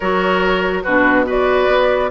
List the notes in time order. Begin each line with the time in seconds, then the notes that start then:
0.00 F#3 F#4 A#4 C#5
0.83 B2 D4 F#4 B4
1.26 F#4 B4 D5
1.67 B3